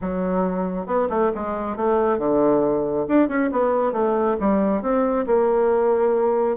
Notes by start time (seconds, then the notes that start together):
0.01 F#3
0.86 B3
1.09 A3
1.34 G#3
1.76 A3
2.18 D3
3.08 D4
3.28 C#4
3.51 B3
3.92 A3
4.40 G3
4.82 C4
5.26 A#3